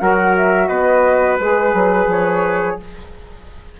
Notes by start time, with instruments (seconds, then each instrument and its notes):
0.00 bassoon F#3, saxophone F#4, trumpet A#4, flute F#5
0.37 flute E5
0.68 bassoon B3, trumpet B4, flute D#5
1.38 bassoon G#3, saxophone G#4, flute B4
1.74 bassoon F#3
2.07 bassoon F3, flute C#5